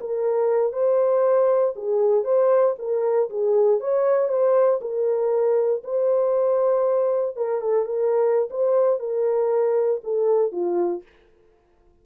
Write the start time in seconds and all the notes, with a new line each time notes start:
0.00 A#4
0.72 C5
1.76 G#4
2.24 C5
2.78 A#4
3.30 G#4
3.80 C#5
4.29 C5
4.81 A#4
5.84 C5
7.36 A#4
7.61 A4
7.85 A#4
8.50 C5
8.99 A#4
10.04 A4
10.52 F4